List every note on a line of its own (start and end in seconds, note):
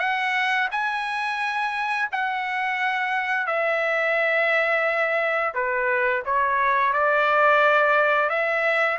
0.00 0.69 F#5
0.72 2.10 G#5
2.12 3.47 F#5
3.47 5.54 E5
5.55 6.24 B4
6.26 6.93 C#5
6.93 8.30 D5
8.30 8.99 E5